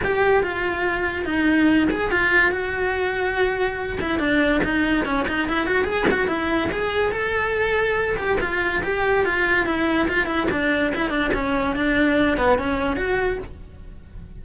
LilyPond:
\new Staff \with { instrumentName = "cello" } { \time 4/4 \tempo 4 = 143 g'4 f'2 dis'4~ | dis'8 gis'8 f'4 fis'2~ | fis'4. e'8 d'4 dis'4 | cis'8 dis'8 e'8 fis'8 gis'8 fis'8 e'4 |
gis'4 a'2~ a'8 g'8 | f'4 g'4 f'4 e'4 | f'8 e'8 d'4 e'8 d'8 cis'4 | d'4. b8 cis'4 fis'4 | }